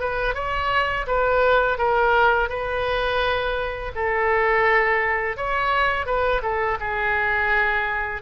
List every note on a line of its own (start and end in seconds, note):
0.00 0.35 B4
0.35 1.06 C#5
1.07 1.78 B4
1.78 2.49 A#4
2.49 3.92 B4
3.95 5.37 A4
5.37 6.06 C#5
6.06 6.42 B4
6.43 6.78 A4
6.80 8.22 G#4